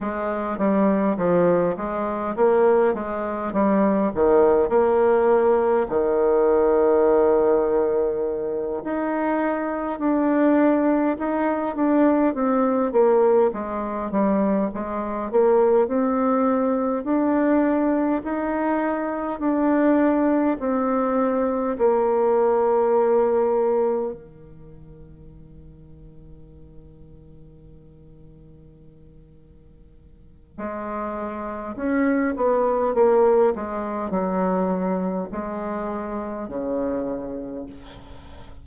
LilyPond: \new Staff \with { instrumentName = "bassoon" } { \time 4/4 \tempo 4 = 51 gis8 g8 f8 gis8 ais8 gis8 g8 dis8 | ais4 dis2~ dis8 dis'8~ | dis'8 d'4 dis'8 d'8 c'8 ais8 gis8 | g8 gis8 ais8 c'4 d'4 dis'8~ |
dis'8 d'4 c'4 ais4.~ | ais8 dis2.~ dis8~ | dis2 gis4 cis'8 b8 | ais8 gis8 fis4 gis4 cis4 | }